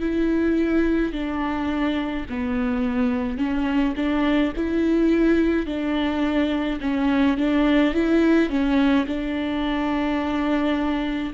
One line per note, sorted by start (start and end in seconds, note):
0.00 1.12 E4
1.12 2.25 D4
2.29 3.38 B3
3.38 3.94 C#4
3.96 4.52 D4
4.56 5.66 E4
5.66 6.79 D4
6.80 7.37 C#4
7.37 7.93 D4
7.93 8.49 E4
8.49 9.06 C#4
9.06 11.33 D4